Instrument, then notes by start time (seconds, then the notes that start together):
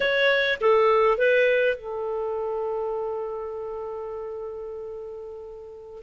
clarinet
0.00 C#5
0.60 A4
1.17 B4
1.76 A4